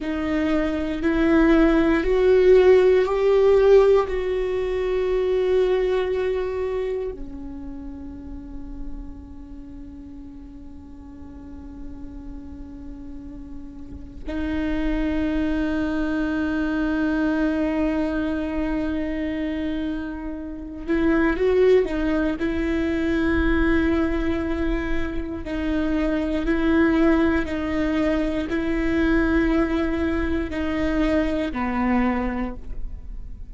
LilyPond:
\new Staff \with { instrumentName = "viola" } { \time 4/4 \tempo 4 = 59 dis'4 e'4 fis'4 g'4 | fis'2. cis'4~ | cis'1~ | cis'2 dis'2~ |
dis'1~ | dis'8 e'8 fis'8 dis'8 e'2~ | e'4 dis'4 e'4 dis'4 | e'2 dis'4 b4 | }